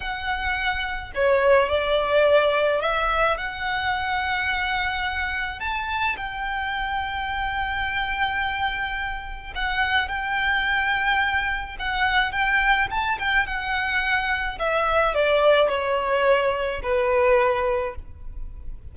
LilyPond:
\new Staff \with { instrumentName = "violin" } { \time 4/4 \tempo 4 = 107 fis''2 cis''4 d''4~ | d''4 e''4 fis''2~ | fis''2 a''4 g''4~ | g''1~ |
g''4 fis''4 g''2~ | g''4 fis''4 g''4 a''8 g''8 | fis''2 e''4 d''4 | cis''2 b'2 | }